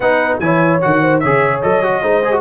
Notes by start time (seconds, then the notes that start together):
0.00 B3 D#4 B4 F#5
0.39 E3 E4 C#5 G#5
0.81 D#3 F#4 F#5
1.01 C5
1.19 C#3 G#4 C#5 E5
1.62 F#3 A4 D#5
1.82 F#4
2.02 G#3 D#4 C5
2.24 G#4
2.32 F#4